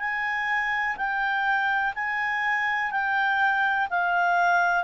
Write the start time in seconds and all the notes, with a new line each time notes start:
0.00 G#5
0.97 G5
1.95 G#5
2.92 G5
3.91 F5